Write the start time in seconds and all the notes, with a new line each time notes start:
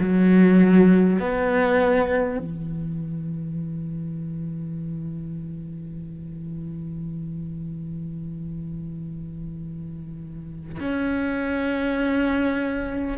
0.00 F#3
1.20 B3
2.39 E3
10.81 C#4